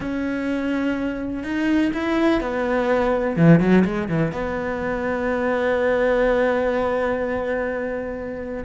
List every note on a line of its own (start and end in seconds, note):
0.00 1.43 C#4
1.43 1.91 D#4
1.93 2.40 E4
2.40 3.36 B3
3.36 3.60 E3
3.60 3.84 F#3
3.84 4.08 G#3
4.08 4.32 E3
4.32 8.64 B3